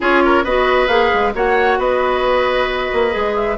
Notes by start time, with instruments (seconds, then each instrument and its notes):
0.00 bassoon C#4, clarinet F4, oboe G#4, flute C#5
0.25 oboe A#4
0.44 bassoon B3, clarinet F#4, oboe B4, flute D#5
0.87 bassoon A#3, clarinet G#4, flute F5
1.13 bassoon G#3
1.34 bassoon A#3, clarinet F#4, oboe C#5, flute F#5
1.78 bassoon B3, oboe B4, flute D#5
2.93 bassoon A#3
3.10 bassoon G#3, clarinet G#4
3.35 flute E5